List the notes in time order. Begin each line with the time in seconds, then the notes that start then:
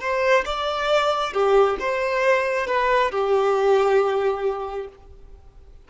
0.00 C5
0.45 D5
1.33 G4
1.79 C5
2.67 B4
3.11 G4